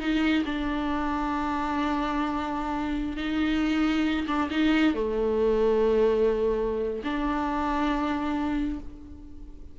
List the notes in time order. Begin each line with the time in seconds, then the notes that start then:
0.00 D#4
0.45 D4
3.17 D#4
4.27 D4
4.50 D#4
4.94 A3
7.04 D4